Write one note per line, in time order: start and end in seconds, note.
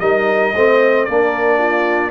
0.00 0.54 G3
0.00 0.54 D#4
0.00 0.54 A#4
0.00 1.05 D#5
0.55 1.08 A3
0.55 1.09 C4
0.55 1.07 C5
1.05 2.11 A#3
1.05 2.11 D4
1.05 1.58 A#4
1.05 2.11 D5
1.58 2.11 F4